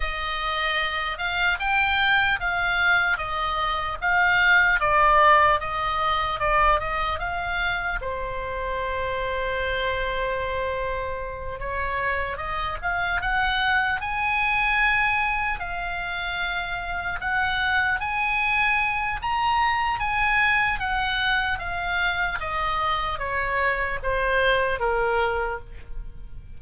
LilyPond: \new Staff \with { instrumentName = "oboe" } { \time 4/4 \tempo 4 = 75 dis''4. f''8 g''4 f''4 | dis''4 f''4 d''4 dis''4 | d''8 dis''8 f''4 c''2~ | c''2~ c''8 cis''4 dis''8 |
f''8 fis''4 gis''2 f''8~ | f''4. fis''4 gis''4. | ais''4 gis''4 fis''4 f''4 | dis''4 cis''4 c''4 ais'4 | }